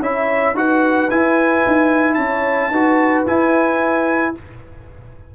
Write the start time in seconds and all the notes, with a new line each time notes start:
0.00 C#4 E4 C#5 E5
0.54 D#4 F#4 B4 F#5
1.10 E4 G#5
1.66 D#4
2.14 C#4 C#5 A5
2.70 D#4 F#4 B4
3.26 E4 G#5